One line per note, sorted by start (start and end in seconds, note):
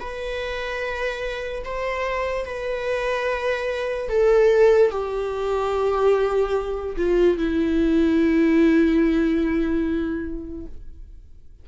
0.00 1.64 B4
1.64 2.46 C5
2.46 4.09 B4
4.09 4.91 A4
4.91 6.97 G4
6.97 7.38 F4
7.38 10.67 E4